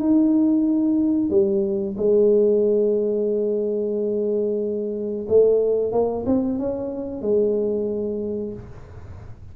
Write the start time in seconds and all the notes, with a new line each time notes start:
0.00 D#4
1.30 G3
1.97 G#3
5.29 A3
5.92 A#3
6.26 C4
6.59 C#4
7.22 G#3